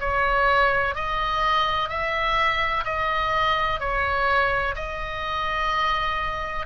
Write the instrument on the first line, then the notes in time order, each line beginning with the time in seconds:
oboe
0.00 C#5
0.95 D#5
1.89 E5
2.85 D#5
3.80 C#5
4.76 D#5